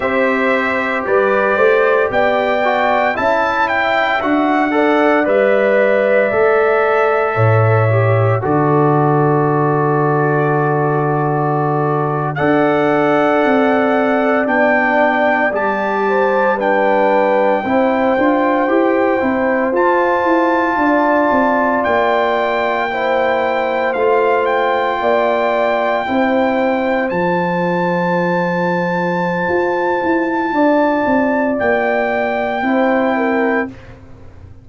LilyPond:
<<
  \new Staff \with { instrumentName = "trumpet" } { \time 4/4 \tempo 4 = 57 e''4 d''4 g''4 a''8 g''8 | fis''4 e''2. | d''2.~ d''8. fis''16~ | fis''4.~ fis''16 g''4 a''4 g''16~ |
g''2~ g''8. a''4~ a''16~ | a''8. g''2 f''8 g''8.~ | g''4.~ g''16 a''2~ a''16~ | a''2 g''2 | }
  \new Staff \with { instrumentName = "horn" } { \time 4/4 c''4 b'8 c''8 d''4 e''4~ | e''8 d''2~ d''8 cis''4 | a'2.~ a'8. d''16~ | d''2.~ d''16 c''8 b'16~ |
b'8. c''2. d''16~ | d''4.~ d''16 c''2 d''16~ | d''8. c''2.~ c''16~ | c''4 d''2 c''8 ais'8 | }
  \new Staff \with { instrumentName = "trombone" } { \time 4/4 g'2~ g'8 fis'8 e'4 | fis'8 a'8 b'4 a'4. g'8 | fis'2.~ fis'8. a'16~ | a'4.~ a'16 d'4 g'4 d'16~ |
d'8. e'8 f'8 g'8 e'8 f'4~ f'16~ | f'4.~ f'16 e'4 f'4~ f'16~ | f'8. e'4 f'2~ f'16~ | f'2. e'4 | }
  \new Staff \with { instrumentName = "tuba" } { \time 4/4 c'4 g8 a8 b4 cis'4 | d'4 g4 a4 a,4 | d2.~ d8. d'16~ | d'8. c'4 b4 g4~ g16~ |
g8. c'8 d'8 e'8 c'8 f'8 e'8 d'16~ | d'16 c'8 ais2 a4 ais16~ | ais8. c'4 f2~ f16 | f'8 e'8 d'8 c'8 ais4 c'4 | }
>>